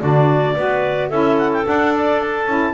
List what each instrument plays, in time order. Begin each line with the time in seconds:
0.00 double bass D3, saxophone D4, clarinet F#4 D5
0.55 double bass B3, saxophone F#4, clarinet B4
1.09 double bass C#4, saxophone E4, clarinet A4 E5
1.37 clarinet F#5
1.52 clarinet G5
1.63 saxophone D4, double bass D4, clarinet F#5
1.95 clarinet D5
2.21 clarinet A5
2.46 double bass C#4, saxophone E4